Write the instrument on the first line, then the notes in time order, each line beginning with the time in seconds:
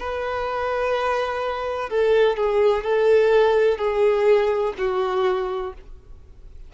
violin
0.00 B4
1.90 A4
2.37 G#4
2.84 A4
3.78 G#4
4.78 F#4